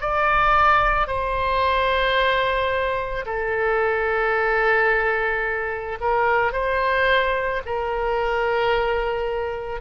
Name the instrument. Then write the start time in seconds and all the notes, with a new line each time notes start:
oboe
0.00 D5
1.07 C5
3.25 A4
6.00 A#4
6.52 C5
7.65 A#4